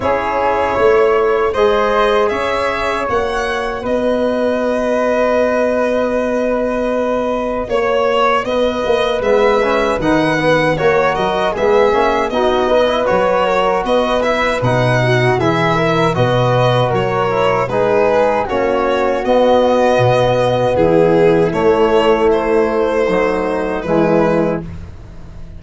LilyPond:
<<
  \new Staff \with { instrumentName = "violin" } { \time 4/4 \tempo 4 = 78 cis''2 dis''4 e''4 | fis''4 dis''2.~ | dis''2 cis''4 dis''4 | e''4 fis''4 cis''8 dis''8 e''4 |
dis''4 cis''4 dis''8 e''8 fis''4 | e''4 dis''4 cis''4 b'4 | cis''4 dis''2 gis'4 | cis''4 c''2 b'4 | }
  \new Staff \with { instrumentName = "flute" } { \time 4/4 gis'4 cis''4 c''4 cis''4~ | cis''4 b'2.~ | b'2 cis''4 b'4~ | b'2 ais'4 gis'4 |
fis'8 b'4 ais'8 b'4. fis'8 | gis'8 ais'8 b'4 ais'4 gis'4 | fis'2. e'4~ | e'2 dis'4 e'4 | }
  \new Staff \with { instrumentName = "trombone" } { \time 4/4 e'2 gis'2 | fis'1~ | fis'1 | b8 cis'8 dis'8 b8 fis'4 b8 cis'8 |
dis'8. e'16 fis'4. e'8 dis'4 | e'4 fis'4. e'8 dis'4 | cis'4 b2. | a2 fis4 gis4 | }
  \new Staff \with { instrumentName = "tuba" } { \time 4/4 cis'4 a4 gis4 cis'4 | ais4 b2.~ | b2 ais4 b8 ais8 | gis4 dis4 ais8 fis8 gis8 ais8 |
b4 fis4 b4 b,4 | e4 b,4 fis4 gis4 | ais4 b4 b,4 e4 | a2. e4 | }
>>